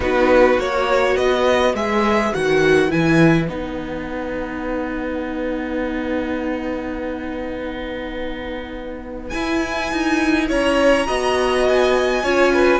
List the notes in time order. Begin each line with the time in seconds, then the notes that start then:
0.00 B3 D#4 F#4 B4
0.58 A#3 F#4 C#5
1.15 B3 B4 D#5
1.74 G#3 G#4 E5
2.33 D#3 F#4 F#5
2.88 E3 E4 G#5
3.48 B3 D#4 F#5
9.29 E4 G#5
9.92 D#4
10.48 C#4 C#5 A#5
11.06 B3 F#4 D#5
11.68 G#5
12.23 C#4 F4 C#5
12.53 B4